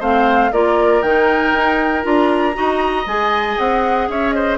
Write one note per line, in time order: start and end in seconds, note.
0.00 0.51 A3
0.00 0.51 C4
0.00 0.51 C5
0.00 0.52 F5
0.52 1.02 A#3
0.52 1.03 F4
0.52 2.56 A#4
0.52 1.02 D5
1.02 1.53 D#3
1.02 2.03 D#4
1.02 2.04 G5
1.53 2.04 D#4
2.03 2.56 D4
2.03 2.54 F4
2.03 3.08 A#5
2.54 3.06 D#4
2.54 3.05 F#4
2.54 4.09 D#5
3.06 3.57 G#3
3.06 4.58 G#4
3.06 3.58 G#5
3.58 4.09 C4
3.58 4.09 F#5
4.09 4.58 C#4
4.09 4.35 C#5
4.09 4.31 E5
4.31 4.58 C5
4.31 4.57 D#5